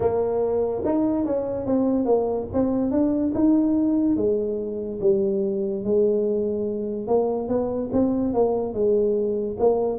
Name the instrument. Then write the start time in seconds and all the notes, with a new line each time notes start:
tuba
0.00 A#3
0.84 D#4
1.25 C#4
1.66 C4
2.05 A#3
2.53 C4
2.91 D4
3.34 D#4
4.16 G#3
5.00 G3
5.84 G#3
7.07 A#3
7.48 B3
7.92 C4
8.33 A#3
8.73 G#3
9.59 A#3